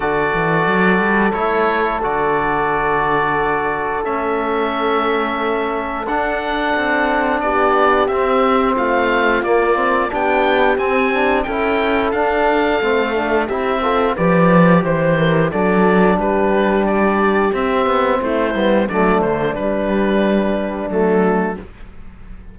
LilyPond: <<
  \new Staff \with { instrumentName = "oboe" } { \time 4/4 \tempo 4 = 89 d''2 cis''4 d''4~ | d''2 e''2~ | e''4 fis''2 d''4 | e''4 f''4 d''4 g''4 |
gis''4 g''4 f''2 | e''4 d''4 c''4 d''4 | b'4 d''4 e''4 c''4 | d''8 c''8 b'2 a'4 | }
  \new Staff \with { instrumentName = "horn" } { \time 4/4 a'1~ | a'1~ | a'2. g'4~ | g'4 f'2 g'4~ |
g'4 a'2. | g'8 a'8 b'4 c''8 ais'8 a'4 | g'2. e'4 | d'1 | }
  \new Staff \with { instrumentName = "trombone" } { \time 4/4 fis'2 e'4 fis'4~ | fis'2 cis'2~ | cis'4 d'2. | c'2 ais8 c'8 d'4 |
c'8 d'8 e'4 d'4 c'8 d'8 | e'8 f'8 g'2 d'4~ | d'2 c'4. b8 | a4 g2 a4 | }
  \new Staff \with { instrumentName = "cello" } { \time 4/4 d8 e8 fis8 g8 a4 d4~ | d2 a2~ | a4 d'4 c'4 b4 | c'4 a4 ais4 b4 |
c'4 cis'4 d'4 a4 | c'4 f4 e4 fis4 | g2 c'8 b8 a8 g8 | fis8 d8 g2 fis4 | }
>>